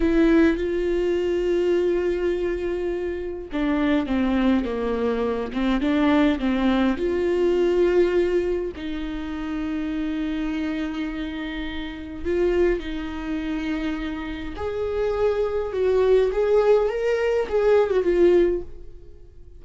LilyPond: \new Staff \with { instrumentName = "viola" } { \time 4/4 \tempo 4 = 103 e'4 f'2.~ | f'2 d'4 c'4 | ais4. c'8 d'4 c'4 | f'2. dis'4~ |
dis'1~ | dis'4 f'4 dis'2~ | dis'4 gis'2 fis'4 | gis'4 ais'4 gis'8. fis'16 f'4 | }